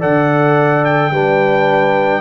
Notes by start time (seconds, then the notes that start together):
0.00 D3 A4 D5 F#5
0.85 G5
1.10 G3 D4 B4